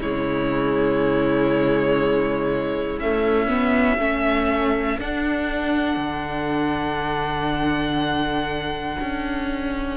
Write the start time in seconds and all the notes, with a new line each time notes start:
0.00 C#3 G#3 E4 C#5
2.99 A3 C#4 E5
3.48 B3
3.98 A3 C#4 A4
4.98 D4 F#5
5.97 D3
9.01 C#4